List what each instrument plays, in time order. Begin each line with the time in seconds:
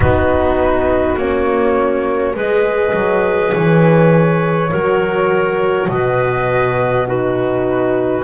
0.00 double bass B3, horn D#4, clarinet F#4, flute B4
1.16 double bass A#3, horn C#4, flute C#5
2.35 double bass G#3, horn G#4, clarinet B4, flute D#5
2.94 double bass F#3
3.54 double bass E3, flute C#5
4.70 double bass F#3, horn F#4, clarinet A#4
5.87 double bass B2, clarinet B4, flute D#5
7.07 horn D#4, clarinet F#4, flute B4